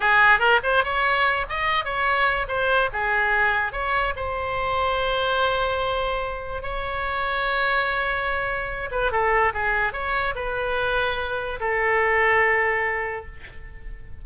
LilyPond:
\new Staff \with { instrumentName = "oboe" } { \time 4/4 \tempo 4 = 145 gis'4 ais'8 c''8 cis''4. dis''8~ | dis''8 cis''4. c''4 gis'4~ | gis'4 cis''4 c''2~ | c''1 |
cis''1~ | cis''4. b'8 a'4 gis'4 | cis''4 b'2. | a'1 | }